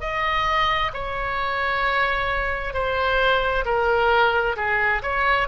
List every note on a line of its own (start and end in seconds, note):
0.00 0.91 D#5
0.93 2.74 C#5
2.74 3.64 C5
3.65 4.56 A#4
4.56 5.02 G#4
5.02 5.48 C#5